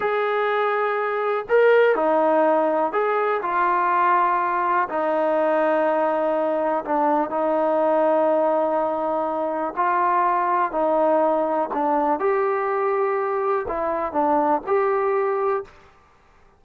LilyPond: \new Staff \with { instrumentName = "trombone" } { \time 4/4 \tempo 4 = 123 gis'2. ais'4 | dis'2 gis'4 f'4~ | f'2 dis'2~ | dis'2 d'4 dis'4~ |
dis'1 | f'2 dis'2 | d'4 g'2. | e'4 d'4 g'2 | }